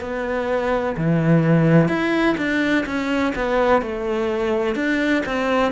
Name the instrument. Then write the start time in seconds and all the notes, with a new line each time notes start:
cello
0.00 B3
0.97 E3
1.88 E4
2.37 D4
2.86 C#4
3.35 B3
3.81 A3
4.75 D4
5.26 C4